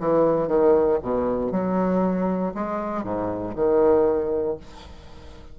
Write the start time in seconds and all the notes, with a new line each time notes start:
0.00 E3
0.48 D#3
1.03 B2
1.52 F#3
2.55 G#3
3.04 G#2
3.56 D#3